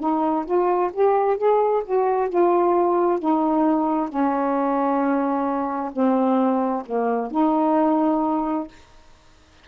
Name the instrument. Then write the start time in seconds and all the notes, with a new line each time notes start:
saxophone
0.00 D#4
0.45 F4
0.93 G4
1.38 G#4
1.85 F#4
2.29 F4
3.19 D#4
4.10 C#4
5.93 C4
6.86 A#3
7.31 D#4